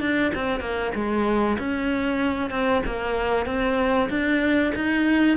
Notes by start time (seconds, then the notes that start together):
0.00 D4
0.35 C4
0.60 A#3
0.94 G#3
1.59 C#4
2.50 C4
2.86 A#3
3.46 C4
4.09 D4
4.75 D#4